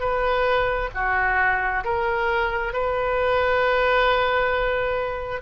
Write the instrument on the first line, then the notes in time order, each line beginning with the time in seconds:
oboe
0.00 B4
0.95 F#4
1.85 A#4
2.73 B4